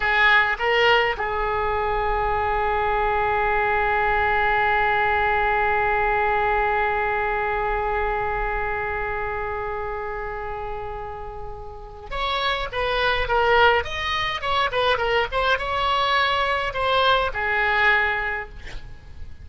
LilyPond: \new Staff \with { instrumentName = "oboe" } { \time 4/4 \tempo 4 = 104 gis'4 ais'4 gis'2~ | gis'1~ | gis'1~ | gis'1~ |
gis'1~ | gis'4 cis''4 b'4 ais'4 | dis''4 cis''8 b'8 ais'8 c''8 cis''4~ | cis''4 c''4 gis'2 | }